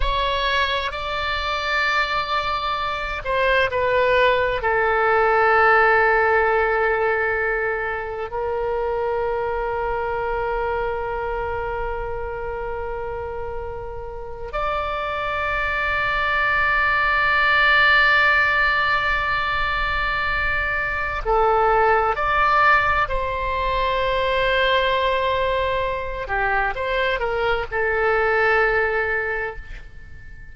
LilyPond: \new Staff \with { instrumentName = "oboe" } { \time 4/4 \tempo 4 = 65 cis''4 d''2~ d''8 c''8 | b'4 a'2.~ | a'4 ais'2.~ | ais'2.~ ais'8. d''16~ |
d''1~ | d''2. a'4 | d''4 c''2.~ | c''8 g'8 c''8 ais'8 a'2 | }